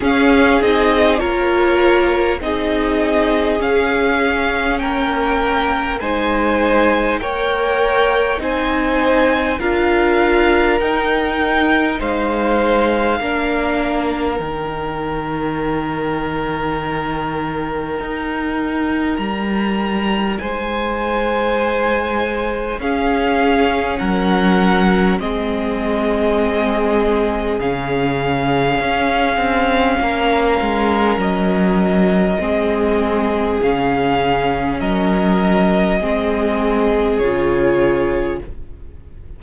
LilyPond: <<
  \new Staff \with { instrumentName = "violin" } { \time 4/4 \tempo 4 = 50 f''8 dis''8 cis''4 dis''4 f''4 | g''4 gis''4 g''4 gis''4 | f''4 g''4 f''2 | g''1 |
ais''4 gis''2 f''4 | fis''4 dis''2 f''4~ | f''2 dis''2 | f''4 dis''2 cis''4 | }
  \new Staff \with { instrumentName = "violin" } { \time 4/4 gis'4 ais'4 gis'2 | ais'4 c''4 cis''4 c''4 | ais'2 c''4 ais'4~ | ais'1~ |
ais'4 c''2 gis'4 | ais'4 gis'2.~ | gis'4 ais'2 gis'4~ | gis'4 ais'4 gis'2 | }
  \new Staff \with { instrumentName = "viola" } { \time 4/4 cis'8 dis'8 f'4 dis'4 cis'4~ | cis'4 dis'4 ais'4 dis'4 | f'4 dis'2 d'4 | dis'1~ |
dis'2. cis'4~ | cis'4 c'2 cis'4~ | cis'2. c'4 | cis'2 c'4 f'4 | }
  \new Staff \with { instrumentName = "cello" } { \time 4/4 cis'8 c'8 ais4 c'4 cis'4 | ais4 gis4 ais4 c'4 | d'4 dis'4 gis4 ais4 | dis2. dis'4 |
g4 gis2 cis'4 | fis4 gis2 cis4 | cis'8 c'8 ais8 gis8 fis4 gis4 | cis4 fis4 gis4 cis4 | }
>>